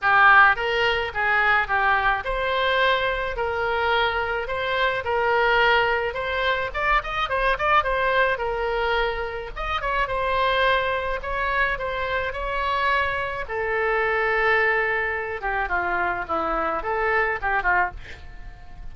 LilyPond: \new Staff \with { instrumentName = "oboe" } { \time 4/4 \tempo 4 = 107 g'4 ais'4 gis'4 g'4 | c''2 ais'2 | c''4 ais'2 c''4 | d''8 dis''8 c''8 d''8 c''4 ais'4~ |
ais'4 dis''8 cis''8 c''2 | cis''4 c''4 cis''2 | a'2.~ a'8 g'8 | f'4 e'4 a'4 g'8 f'8 | }